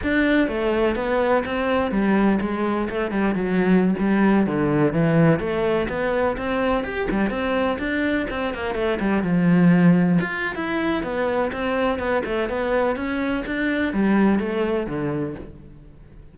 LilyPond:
\new Staff \with { instrumentName = "cello" } { \time 4/4 \tempo 4 = 125 d'4 a4 b4 c'4 | g4 gis4 a8 g8 fis4~ | fis16 g4 d4 e4 a8.~ | a16 b4 c'4 g'8 g8 c'8.~ |
c'16 d'4 c'8 ais8 a8 g8 f8.~ | f4~ f16 f'8. e'4 b4 | c'4 b8 a8 b4 cis'4 | d'4 g4 a4 d4 | }